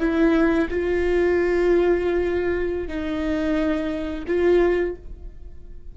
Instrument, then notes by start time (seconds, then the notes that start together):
viola
0.00 E4
0.70 F4
2.88 D#4
4.27 F4